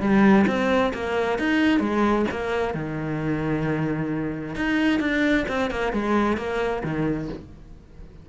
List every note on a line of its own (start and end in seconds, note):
0.00 0.45 G3
0.47 0.93 C4
0.94 1.38 A#3
1.38 1.80 D#4
1.80 2.25 G#3
2.31 2.74 A#3
2.74 4.55 D#3
4.55 5.00 D#4
5.00 5.45 D4
5.48 5.70 C4
5.70 5.93 A#3
5.93 6.37 G#3
6.37 6.82 A#3
6.83 7.29 D#3